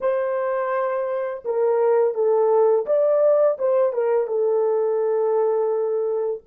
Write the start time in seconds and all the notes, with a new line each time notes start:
0.00 C5
1.44 A#4
2.14 A4
2.86 D5
3.58 C5
3.92 A#4
4.27 A4